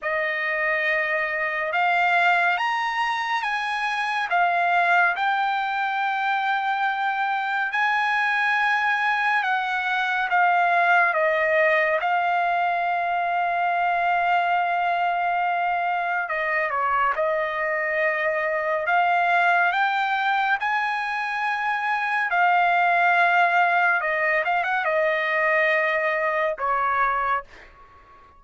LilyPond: \new Staff \with { instrumentName = "trumpet" } { \time 4/4 \tempo 4 = 70 dis''2 f''4 ais''4 | gis''4 f''4 g''2~ | g''4 gis''2 fis''4 | f''4 dis''4 f''2~ |
f''2. dis''8 cis''8 | dis''2 f''4 g''4 | gis''2 f''2 | dis''8 f''16 fis''16 dis''2 cis''4 | }